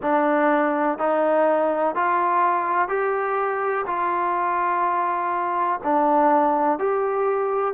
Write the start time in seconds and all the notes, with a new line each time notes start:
0.01 D4
0.98 D#4
1.95 F4
2.88 G4
3.86 F4
5.83 D4
6.78 G4